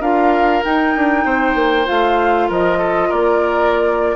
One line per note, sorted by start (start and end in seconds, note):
0.00 0.62 D4
0.00 0.63 F4
0.00 1.24 A#4
0.00 0.63 F5
0.63 1.85 D#4
0.63 0.96 D#4
0.63 1.87 G5
0.96 1.25 D4
1.25 1.55 C4
1.25 2.48 C5
1.55 1.86 A#3
1.85 2.49 A3
1.85 4.16 F4
1.85 2.49 F5
2.48 3.11 F3
2.48 2.78 A#4
2.48 3.11 D#5
2.78 3.09 A4
3.09 4.16 A#3
3.09 4.16 A#4
3.09 4.16 D5